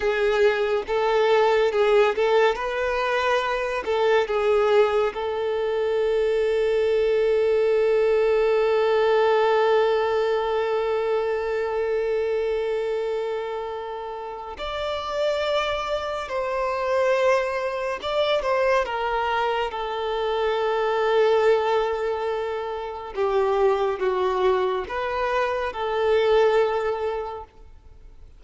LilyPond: \new Staff \with { instrumentName = "violin" } { \time 4/4 \tempo 4 = 70 gis'4 a'4 gis'8 a'8 b'4~ | b'8 a'8 gis'4 a'2~ | a'1~ | a'1~ |
a'4 d''2 c''4~ | c''4 d''8 c''8 ais'4 a'4~ | a'2. g'4 | fis'4 b'4 a'2 | }